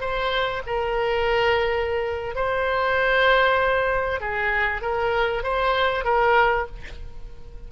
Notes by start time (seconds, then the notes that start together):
0.00 C5
0.66 A#4
2.35 C5
4.20 G#4
4.81 A#4
5.43 C5
6.04 A#4